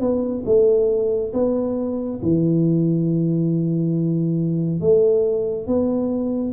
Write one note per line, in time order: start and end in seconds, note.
0.00 0.43 B3
0.45 1.32 A3
1.33 2.20 B3
2.22 4.80 E3
4.80 5.67 A3
5.67 6.53 B3